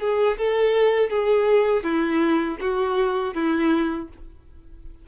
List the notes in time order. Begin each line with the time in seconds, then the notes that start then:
0.00 G#4
0.37 A4
1.09 G#4
1.83 E4
2.60 F#4
3.34 E4